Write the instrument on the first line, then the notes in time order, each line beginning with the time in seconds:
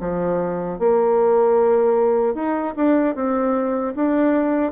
bassoon
0.00 F3
0.79 A#3
2.34 D#4
2.76 D4
3.15 C4
3.95 D4